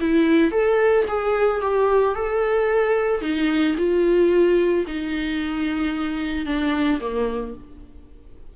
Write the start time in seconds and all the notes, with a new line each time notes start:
0.00 E4
0.51 A4
1.08 G#4
1.61 G4
2.15 A4
3.21 D#4
3.77 F4
4.87 D#4
6.46 D4
7.00 A#3